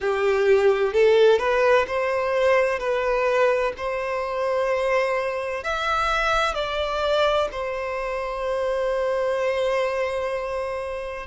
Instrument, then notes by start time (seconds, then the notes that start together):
violin
0.00 G4
0.93 A4
1.38 B4
1.87 C5
2.79 B4
3.77 C5
5.63 E5
6.54 D5
7.51 C5